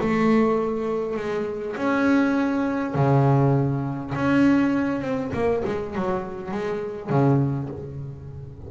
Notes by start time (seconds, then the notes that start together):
0.00 A3
1.16 G#3
1.76 C#4
2.95 C#3
4.15 C#4
5.01 C4
5.33 A#3
5.65 G#3
5.95 F#3
6.51 G#3
7.10 C#3